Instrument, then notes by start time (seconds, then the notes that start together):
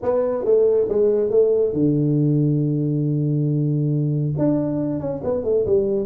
tuba
0.02 B3
0.44 A3
0.89 G#3
1.29 A3
1.73 D3
4.37 D4
5.00 C#4
5.23 B3
5.43 A3
5.66 G3